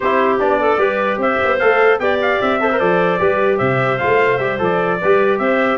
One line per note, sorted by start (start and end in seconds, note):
0.00 0.41 C4
0.00 0.39 E4
0.00 0.59 G4
0.00 0.39 C5
0.39 0.77 B3
0.39 0.78 D4
0.39 1.19 D5
0.59 0.79 A4
0.77 1.17 G3
0.77 1.58 G4
0.77 1.20 B4
1.17 1.37 C4
1.17 2.00 C5
1.17 1.58 E5
1.44 1.61 B3
1.58 1.99 A3
1.58 2.00 A4
1.58 1.98 F5
1.99 2.39 B3
1.99 2.59 G4
1.99 2.60 D5
1.99 2.19 G5
2.21 2.41 F5
2.41 2.80 C4
2.41 2.79 E5
2.59 2.69 A4
2.59 3.20 C5
2.72 2.80 A#4
2.79 3.20 F3
2.79 3.18 A4
2.79 3.57 D5
3.18 3.59 G3
3.18 3.98 G4
3.18 3.57 B4
3.57 3.99 C3
3.57 4.97 C5
3.57 3.97 E5
3.98 4.39 A3
3.98 4.39 F4
3.98 4.38 F5
4.38 4.59 G3
4.38 4.58 G4
4.38 4.58 E5
4.58 4.99 F3
4.58 4.98 A4
4.58 5.38 D5
5.00 5.39 G3
5.00 5.77 G4
5.00 5.39 B4
5.38 5.77 C4
5.38 5.77 C5
5.38 5.77 E5